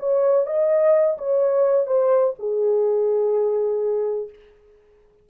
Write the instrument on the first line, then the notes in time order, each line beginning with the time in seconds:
horn
0.00 C#5
0.47 D#5
1.18 C#5
1.87 C5
2.39 G#4